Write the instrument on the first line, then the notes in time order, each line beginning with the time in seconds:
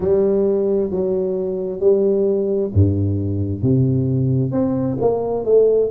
tuba
0.00 G3
0.90 F#3
1.79 G3
2.73 G2
3.62 C3
4.51 C4
5.00 A#3
5.45 A3